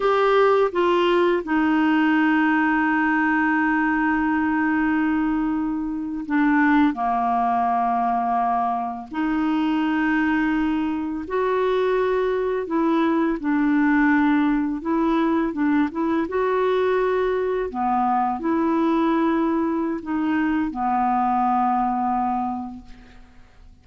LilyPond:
\new Staff \with { instrumentName = "clarinet" } { \time 4/4 \tempo 4 = 84 g'4 f'4 dis'2~ | dis'1~ | dis'8. d'4 ais2~ ais16~ | ais8. dis'2. fis'16~ |
fis'4.~ fis'16 e'4 d'4~ d'16~ | d'8. e'4 d'8 e'8 fis'4~ fis'16~ | fis'8. b4 e'2~ e'16 | dis'4 b2. | }